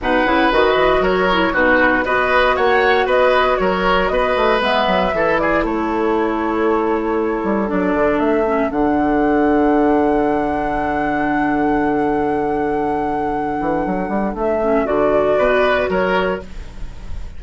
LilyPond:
<<
  \new Staff \with { instrumentName = "flute" } { \time 4/4 \tempo 4 = 117 fis''4 dis''4 cis''4 b'4 | dis''4 fis''4 dis''4 cis''4 | dis''4 e''4. d''8 cis''4~ | cis''2. d''4 |
e''4 fis''2.~ | fis''1~ | fis''1 | e''4 d''2 cis''4 | }
  \new Staff \with { instrumentName = "oboe" } { \time 4/4 b'2 ais'4 fis'4 | b'4 cis''4 b'4 ais'4 | b'2 a'8 gis'8 a'4~ | a'1~ |
a'1~ | a'1~ | a'1~ | a'2 b'4 ais'4 | }
  \new Staff \with { instrumentName = "clarinet" } { \time 4/4 dis'8 e'8 fis'4. e'8 dis'4 | fis'1~ | fis'4 b4 e'2~ | e'2. d'4~ |
d'8 cis'8 d'2.~ | d'1~ | d'1~ | d'8 cis'8 fis'2. | }
  \new Staff \with { instrumentName = "bassoon" } { \time 4/4 b,8 cis8 dis8 e8 fis4 b,4 | b4 ais4 b4 fis4 | b8 a8 gis8 fis8 e4 a4~ | a2~ a8 g8 fis8 d8 |
a4 d2.~ | d1~ | d2~ d8 e8 fis8 g8 | a4 d4 b,4 fis4 | }
>>